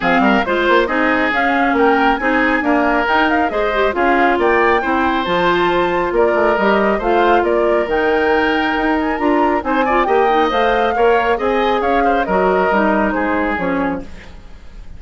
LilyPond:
<<
  \new Staff \with { instrumentName = "flute" } { \time 4/4 \tempo 4 = 137 f''4 c''4 dis''4 f''4 | g''4 gis''2 g''8 f''8 | dis''4 f''4 g''2 | a''2 d''4 dis''4 |
f''4 d''4 g''2~ | g''8 gis''8 ais''4 gis''4 g''4 | f''2 gis''4 f''4 | dis''2 c''4 cis''4 | }
  \new Staff \with { instrumentName = "oboe" } { \time 4/4 gis'8 ais'8 c''4 gis'2 | ais'4 gis'4 ais'2 | c''4 gis'4 d''4 c''4~ | c''2 ais'2 |
c''4 ais'2.~ | ais'2 c''8 d''8 dis''4~ | dis''4 cis''4 dis''4 cis''8 c''8 | ais'2 gis'2 | }
  \new Staff \with { instrumentName = "clarinet" } { \time 4/4 c'4 f'4 dis'4 cis'4~ | cis'4 dis'4 ais4 dis'4 | gis'8 g'8 f'2 e'4 | f'2. g'4 |
f'2 dis'2~ | dis'4 f'4 dis'8 f'8 g'8 dis'8 | c''4 ais'4 gis'2 | fis'4 dis'2 cis'4 | }
  \new Staff \with { instrumentName = "bassoon" } { \time 4/4 f8 g8 gis8 ais8 c'4 cis'4 | ais4 c'4 d'4 dis'4 | gis4 cis'4 ais4 c'4 | f2 ais8 a8 g4 |
a4 ais4 dis2 | dis'4 d'4 c'4 ais4 | a4 ais4 c'4 cis'4 | fis4 g4 gis4 f4 | }
>>